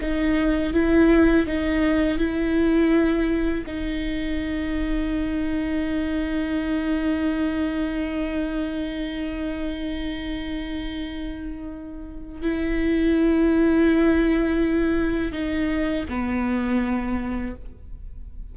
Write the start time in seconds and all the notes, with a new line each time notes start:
0.00 D#4
0.73 E4
1.46 D#4
2.18 E4
3.67 D#4
12.42 E4
15.32 D#4
16.09 B3